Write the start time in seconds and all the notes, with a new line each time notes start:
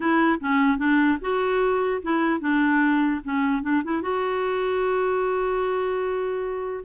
0.00 E4
0.40 C#4
0.77 D4
1.21 F#4
2.02 E4
2.40 D4
3.23 C#4
3.62 D4
3.84 E4
4.02 F#4